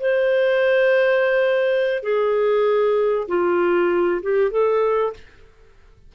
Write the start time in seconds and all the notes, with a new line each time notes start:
0.00 C5
2.03 G#4
3.28 F4
4.22 G4
4.51 A4